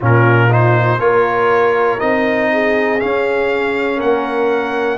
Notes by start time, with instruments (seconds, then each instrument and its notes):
0.00 tuba A#2, trombone C#4, horn F4, trumpet A#4
0.49 trombone D#4, trumpet C5
0.98 tuba A#3, trombone F4, horn A#4, trumpet C#5
1.99 tuba C4, trombone D#4, trumpet D#5
2.52 horn G#4
2.99 trombone C#4, tuba C#4, trumpet F5
3.96 tuba A#3, horn A#4, trumpet F#5